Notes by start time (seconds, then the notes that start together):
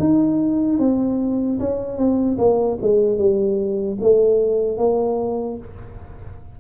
0.00 D#4
0.79 C4
1.60 C#4
1.98 C4
2.39 A#3
2.82 G#3
3.19 G3
4.01 A3
4.78 A#3